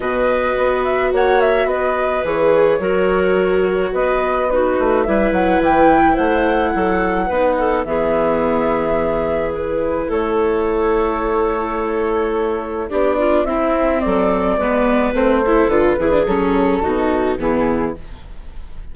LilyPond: <<
  \new Staff \with { instrumentName = "flute" } { \time 4/4 \tempo 4 = 107 dis''4. e''8 fis''8 e''8 dis''4 | cis''2. dis''4 | b'4 e''8 fis''8 g''4 fis''4~ | fis''2 e''2~ |
e''4 b'4 cis''2~ | cis''2. d''4 | e''4 d''2 c''4 | b'4 a'2 gis'4 | }
  \new Staff \with { instrumentName = "clarinet" } { \time 4/4 b'2 cis''4 b'4~ | b'4 ais'2 b'4 | fis'4 b'2 c''4 | a'4 b'8 a'8 gis'2~ |
gis'2 a'2~ | a'2. g'8 f'8 | e'4 a'4 b'4. a'8~ | a'8 gis'4. fis'4 e'4 | }
  \new Staff \with { instrumentName = "viola" } { \time 4/4 fis'1 | gis'4 fis'2. | dis'4 e'2.~ | e'4 dis'4 b2~ |
b4 e'2.~ | e'2. d'4 | c'2 b4 c'8 e'8 | f'8 e'16 d'16 cis'4 dis'4 b4 | }
  \new Staff \with { instrumentName = "bassoon" } { \time 4/4 b,4 b4 ais4 b4 | e4 fis2 b4~ | b8 a8 g8 fis8 e4 a4 | fis4 b4 e2~ |
e2 a2~ | a2. b4 | c'4 fis4 gis4 a4 | d8 e8 fis4 b,4 e4 | }
>>